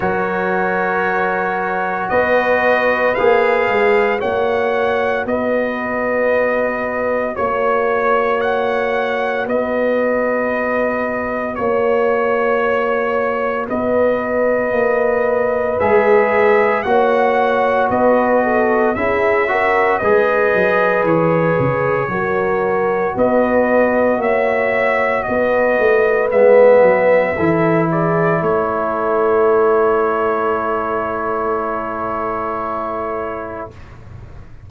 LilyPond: <<
  \new Staff \with { instrumentName = "trumpet" } { \time 4/4 \tempo 4 = 57 cis''2 dis''4 f''4 | fis''4 dis''2 cis''4 | fis''4 dis''2 cis''4~ | cis''4 dis''2 e''4 |
fis''4 dis''4 e''4 dis''4 | cis''2 dis''4 e''4 | dis''4 e''4. d''8 cis''4~ | cis''1 | }
  \new Staff \with { instrumentName = "horn" } { \time 4/4 ais'2 b'2 | cis''4 b'2 cis''4~ | cis''4 b'2 cis''4~ | cis''4 b'2. |
cis''4 b'8 a'8 gis'8 ais'8 b'4~ | b'4 ais'4 b'4 cis''4 | b'2 a'8 gis'8 a'4~ | a'1 | }
  \new Staff \with { instrumentName = "trombone" } { \time 4/4 fis'2. gis'4 | fis'1~ | fis'1~ | fis'2. gis'4 |
fis'2 e'8 fis'8 gis'4~ | gis'4 fis'2.~ | fis'4 b4 e'2~ | e'1 | }
  \new Staff \with { instrumentName = "tuba" } { \time 4/4 fis2 b4 ais8 gis8 | ais4 b2 ais4~ | ais4 b2 ais4~ | ais4 b4 ais4 gis4 |
ais4 b4 cis'4 gis8 fis8 | e8 cis8 fis4 b4 ais4 | b8 a8 gis8 fis8 e4 a4~ | a1 | }
>>